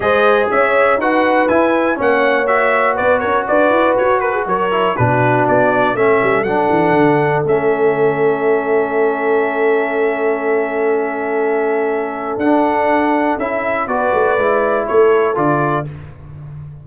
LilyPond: <<
  \new Staff \with { instrumentName = "trumpet" } { \time 4/4 \tempo 4 = 121 dis''4 e''4 fis''4 gis''4 | fis''4 e''4 d''8 cis''8 d''4 | cis''8 b'8 cis''4 b'4 d''4 | e''4 fis''2 e''4~ |
e''1~ | e''1~ | e''4 fis''2 e''4 | d''2 cis''4 d''4 | }
  \new Staff \with { instrumentName = "horn" } { \time 4/4 c''4 cis''4 b'2 | cis''2 b'8 ais'8 b'4~ | b'8 ais'16 gis'16 ais'4 fis'2 | a'1~ |
a'1~ | a'1~ | a'1 | b'2 a'2 | }
  \new Staff \with { instrumentName = "trombone" } { \time 4/4 gis'2 fis'4 e'4 | cis'4 fis'2.~ | fis'4. e'8 d'2 | cis'4 d'2 cis'4~ |
cis'1~ | cis'1~ | cis'4 d'2 e'4 | fis'4 e'2 f'4 | }
  \new Staff \with { instrumentName = "tuba" } { \time 4/4 gis4 cis'4 dis'4 e'4 | ais2 b8 cis'8 d'8 e'8 | fis'4 fis4 b,4 b4 | a8 g8 fis8 e8 d4 a4~ |
a1~ | a1~ | a4 d'2 cis'4 | b8 a8 gis4 a4 d4 | }
>>